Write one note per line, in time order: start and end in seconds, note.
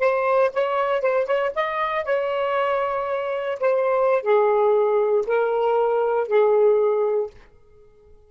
0.00 0.51 C5
0.54 1.02 C#5
1.02 1.26 C5
1.26 1.52 C#5
1.56 2.05 D#5
2.05 3.59 C#5
3.60 4.23 C5
4.23 5.25 G#4
5.27 6.28 A#4
6.28 7.31 G#4